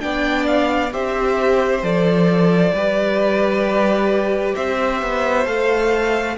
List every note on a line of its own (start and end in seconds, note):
0.00 0.94 B3
0.00 0.91 D4
0.00 0.93 D5
0.00 0.46 G5
0.47 0.92 F5
0.91 1.83 C4
0.91 1.82 G4
0.91 2.74 C5
0.91 1.84 E5
1.83 2.72 F3
1.83 2.73 A4
1.83 4.56 D5
2.72 4.54 G3
2.72 5.46 G4
2.72 4.55 B4
4.55 5.02 C4
4.55 6.37 C5
4.55 5.46 E5
5.02 5.46 B3
5.46 6.37 A3
5.46 6.37 A4
5.46 6.37 F5